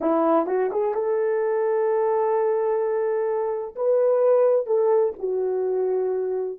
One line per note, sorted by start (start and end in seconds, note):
0.00 0.46 E4
0.46 0.69 F#4
0.71 0.94 G#4
0.94 3.75 A4
3.75 4.66 B4
4.66 5.13 A4
5.19 6.58 F#4